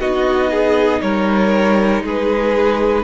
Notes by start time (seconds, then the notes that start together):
0.00 B3 D#4 F#4 D#5
0.51 G#4
1.01 G3 A#4 C#5
2.04 G#3 G#4 B4